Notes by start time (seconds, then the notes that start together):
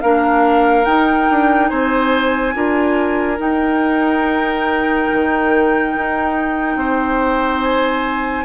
0.00 A#3 D4 A#4 F5
0.85 D#4 G5
1.30 D4
1.68 C4 C5 G#5
2.53 D4 F4 A#4
3.37 D#4 G5
5.12 D#3
5.95 D#4
6.76 C4 C5
7.61 G#5